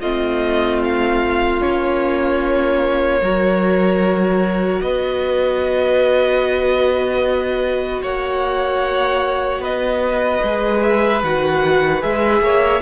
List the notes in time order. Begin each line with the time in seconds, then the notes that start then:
0.00 A3 C4 F4 D#5
0.84 F5
1.61 A#3 C#4 C#5
3.21 F#3 F#4 A#4
4.81 B3 B4 D#5
8.02 A#3 C#5 F#5
9.59 B3 B4 D#5
10.43 G#3 G#4
10.82 E5
11.23 D#3 F#4 F#5
12.01 G#3 G#4 E5
12.41 A#3 C#5